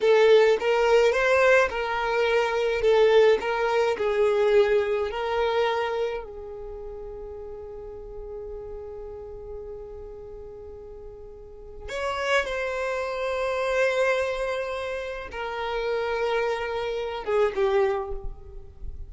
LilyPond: \new Staff \with { instrumentName = "violin" } { \time 4/4 \tempo 4 = 106 a'4 ais'4 c''4 ais'4~ | ais'4 a'4 ais'4 gis'4~ | gis'4 ais'2 gis'4~ | gis'1~ |
gis'1~ | gis'4 cis''4 c''2~ | c''2. ais'4~ | ais'2~ ais'8 gis'8 g'4 | }